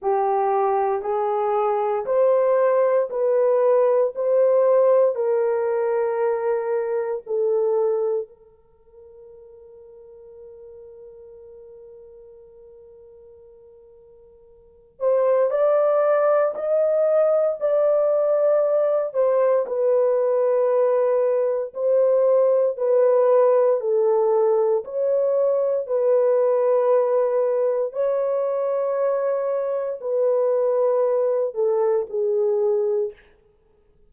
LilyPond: \new Staff \with { instrumentName = "horn" } { \time 4/4 \tempo 4 = 58 g'4 gis'4 c''4 b'4 | c''4 ais'2 a'4 | ais'1~ | ais'2~ ais'8 c''8 d''4 |
dis''4 d''4. c''8 b'4~ | b'4 c''4 b'4 a'4 | cis''4 b'2 cis''4~ | cis''4 b'4. a'8 gis'4 | }